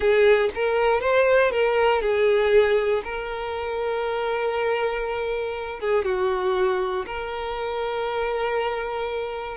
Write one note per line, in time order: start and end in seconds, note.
0.00 0.50 G#4
0.54 1.00 A#4
1.00 1.51 C5
1.51 2.01 A#4
2.01 3.02 G#4
3.04 5.80 A#4
5.80 6.04 G#4
6.04 7.05 F#4
7.05 9.57 A#4